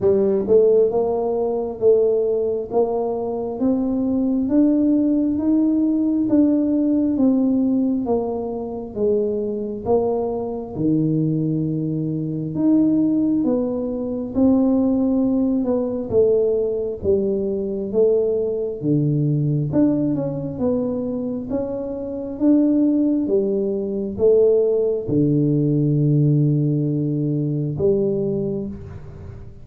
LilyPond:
\new Staff \with { instrumentName = "tuba" } { \time 4/4 \tempo 4 = 67 g8 a8 ais4 a4 ais4 | c'4 d'4 dis'4 d'4 | c'4 ais4 gis4 ais4 | dis2 dis'4 b4 |
c'4. b8 a4 g4 | a4 d4 d'8 cis'8 b4 | cis'4 d'4 g4 a4 | d2. g4 | }